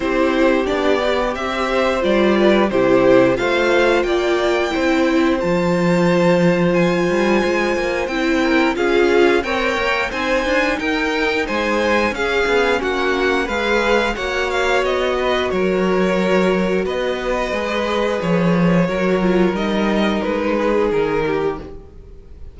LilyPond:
<<
  \new Staff \with { instrumentName = "violin" } { \time 4/4 \tempo 4 = 89 c''4 d''4 e''4 d''4 | c''4 f''4 g''2 | a''2 gis''2 | g''4 f''4 g''4 gis''4 |
g''4 gis''4 f''4 fis''4 | f''4 fis''8 f''8 dis''4 cis''4~ | cis''4 dis''2 cis''4~ | cis''4 dis''4 b'4 ais'4 | }
  \new Staff \with { instrumentName = "violin" } { \time 4/4 g'2~ g'8 c''4 b'8 | g'4 c''4 d''4 c''4~ | c''1~ | c''8 ais'8 gis'4 cis''4 c''4 |
ais'4 c''4 gis'4 fis'4 | b'4 cis''4. b'8 ais'4~ | ais'4 b'2. | ais'2~ ais'8 gis'4 g'8 | }
  \new Staff \with { instrumentName = "viola" } { \time 4/4 e'4 d'8 g'4. f'4 | e'4 f'2 e'4 | f'1 | e'4 f'4 ais'4 dis'4~ |
dis'2 cis'2 | gis'4 fis'2.~ | fis'2 gis'2 | fis'8 f'8 dis'2. | }
  \new Staff \with { instrumentName = "cello" } { \time 4/4 c'4 b4 c'4 g4 | c4 a4 ais4 c'4 | f2~ f8 g8 gis8 ais8 | c'4 cis'4 c'8 ais8 c'8 d'8 |
dis'4 gis4 cis'8 b8 ais4 | gis4 ais4 b4 fis4~ | fis4 b4 gis4 f4 | fis4 g4 gis4 dis4 | }
>>